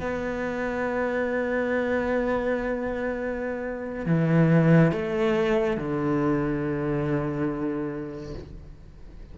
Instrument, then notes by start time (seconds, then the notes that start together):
cello
0.00 B3
4.06 E3
4.92 A3
5.77 D3